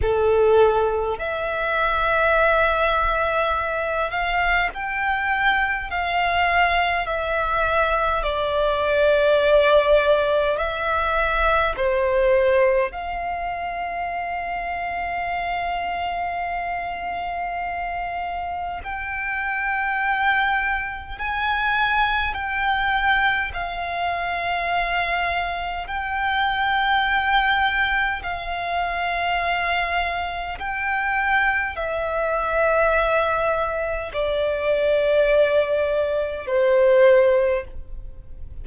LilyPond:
\new Staff \with { instrumentName = "violin" } { \time 4/4 \tempo 4 = 51 a'4 e''2~ e''8 f''8 | g''4 f''4 e''4 d''4~ | d''4 e''4 c''4 f''4~ | f''1 |
g''2 gis''4 g''4 | f''2 g''2 | f''2 g''4 e''4~ | e''4 d''2 c''4 | }